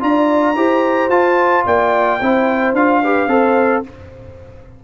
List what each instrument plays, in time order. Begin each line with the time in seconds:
0.00 tuba D4, trombone F4, horn D5, trumpet A#5
0.55 tuba E4, trombone G4, horn C5
1.09 tuba F4, trombone F4, trumpet A5
1.65 tuba A#3, horn D5, trumpet G5
2.20 tuba C4, trombone E4, horn C5
2.73 tuba D4, trombone F4, trumpet F5
3.02 trombone G4, horn B4
3.27 tuba C4, trombone A4, horn C5